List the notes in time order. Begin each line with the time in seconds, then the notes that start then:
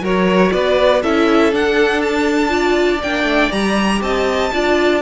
0.00 F#3 F#4 A#4 C#5
0.52 B3 B4 D5
1.02 C#4 E4 A4 E5
1.52 D4 F#5
2.01 A5
2.49 F4 D5
3.02 A#3 D4 G5
3.23 A3
3.51 G3 G4 A#5
4.01 C4 D#5 A5
4.53 D4 F4 D5